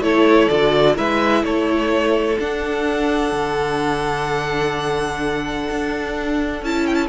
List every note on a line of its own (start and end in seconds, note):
0.00 0.47 A3
0.00 0.50 E4
0.00 0.96 A4
0.00 0.48 C#5
0.48 0.98 D3
0.48 0.95 F#4
0.48 0.95 D5
0.95 1.43 G#3
0.95 2.37 E4
0.95 1.44 B4
0.95 1.44 E5
1.43 2.37 A3
1.43 7.08 A4
1.43 2.39 C#5
2.39 3.32 D4
2.39 6.65 D4
2.39 6.63 F#5
3.32 5.68 D3
5.69 6.62 D4
6.62 7.08 C#4
6.62 7.08 E4
6.62 6.87 A5
6.87 6.95 G5
6.95 7.06 A5